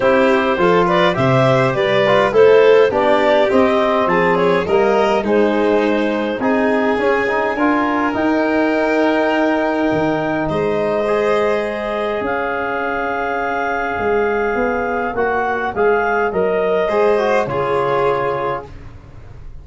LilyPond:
<<
  \new Staff \with { instrumentName = "clarinet" } { \time 4/4 \tempo 4 = 103 c''4. d''8 e''4 d''4 | c''4 d''4 dis''4 a''8 cis''8 | dis''4 c''2 gis''4~ | gis''2 g''2~ |
g''2 dis''2~ | dis''4 f''2.~ | f''2 fis''4 f''4 | dis''2 cis''2 | }
  \new Staff \with { instrumentName = "violin" } { \time 4/4 g'4 a'8 b'8 c''4 b'4 | a'4 g'2 gis'4 | ais'4 dis'2 gis'4~ | gis'4 ais'2.~ |
ais'2 c''2~ | c''4 cis''2.~ | cis''1~ | cis''4 c''4 gis'2 | }
  \new Staff \with { instrumentName = "trombone" } { \time 4/4 e'4 f'4 g'4. f'8 | e'4 d'4 c'2 | ais4 gis2 dis'4 | cis'8 dis'8 f'4 dis'2~ |
dis'2. gis'4~ | gis'1~ | gis'2 fis'4 gis'4 | ais'4 gis'8 fis'8 f'2 | }
  \new Staff \with { instrumentName = "tuba" } { \time 4/4 c'4 f4 c4 g4 | a4 b4 c'4 f4 | g4 gis2 c'4 | cis'4 d'4 dis'2~ |
dis'4 dis4 gis2~ | gis4 cis'2. | gis4 b4 ais4 gis4 | fis4 gis4 cis2 | }
>>